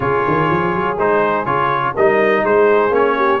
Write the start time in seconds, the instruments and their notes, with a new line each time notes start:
0.00 tuba C#3, trombone F4, horn G#4, trumpet C#5
0.27 tuba D#3
0.50 tuba F3
0.74 tuba F#3
0.97 tuba G#3, trombone D#4, trumpet C5
1.45 tuba C#3, trombone F4, trumpet C#5
1.94 tuba G3, trombone D#4, horn A#4, trumpet D#5
2.43 tuba G#3, horn G#4, trumpet C5
2.90 tuba A#3, trombone C#4, trumpet C#5
3.16 horn G4